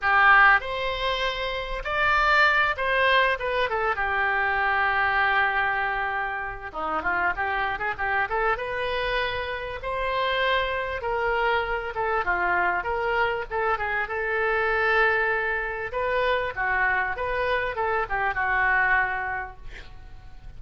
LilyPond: \new Staff \with { instrumentName = "oboe" } { \time 4/4 \tempo 4 = 98 g'4 c''2 d''4~ | d''8 c''4 b'8 a'8 g'4.~ | g'2. dis'8 f'8 | g'8. gis'16 g'8 a'8 b'2 |
c''2 ais'4. a'8 | f'4 ais'4 a'8 gis'8 a'4~ | a'2 b'4 fis'4 | b'4 a'8 g'8 fis'2 | }